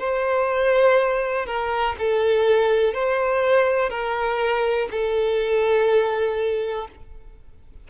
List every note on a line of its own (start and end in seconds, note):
0.00 1.47 C5
1.47 1.96 A#4
1.99 2.94 A4
2.94 3.90 C5
3.90 4.89 A#4
4.91 6.88 A4